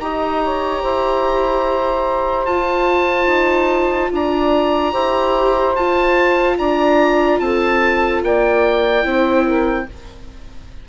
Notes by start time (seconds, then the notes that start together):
0.00 D#4 G4 D#5 A#5
0.43 C#5
0.82 E4 C5
2.46 F4 A5
3.27 D#4
4.12 D4 D5 A#5
4.92 E4 G4 C5
5.76 F4 A5
6.58 D4 D5 A#5
7.40 C4 A4 A5
8.23 A#3 D5 G5
9.03 C4 E4 C5
9.46 A#4